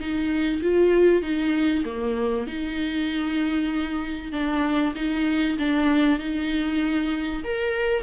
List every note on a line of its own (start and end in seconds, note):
0.00 0.62 D#4
0.62 1.23 F4
1.23 1.84 D#4
1.86 2.47 A#3
2.47 4.32 D#4
4.32 4.94 D4
4.96 5.58 D#4
5.59 6.19 D4
6.19 7.43 D#4
7.44 8.03 A#4